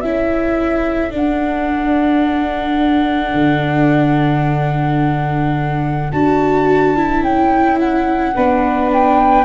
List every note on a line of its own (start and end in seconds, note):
0.00 1.12 C#4
0.00 1.10 E4
0.00 8.34 A4
0.00 1.11 E5
1.10 6.10 D4
1.10 3.33 D4
1.10 6.11 F#5
3.33 6.11 D3
6.11 7.20 D4
6.11 6.96 F#4
6.11 7.22 A5
6.96 8.34 E4
7.20 8.31 C#4
7.20 7.78 G5
7.79 8.90 F#5
8.34 9.44 B3
8.34 9.44 D4
8.34 9.44 B4
8.92 9.44 G5